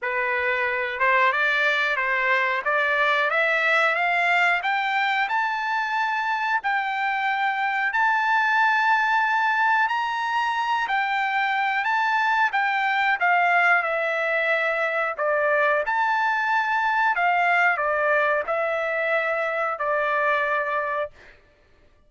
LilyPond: \new Staff \with { instrumentName = "trumpet" } { \time 4/4 \tempo 4 = 91 b'4. c''8 d''4 c''4 | d''4 e''4 f''4 g''4 | a''2 g''2 | a''2. ais''4~ |
ais''8 g''4. a''4 g''4 | f''4 e''2 d''4 | a''2 f''4 d''4 | e''2 d''2 | }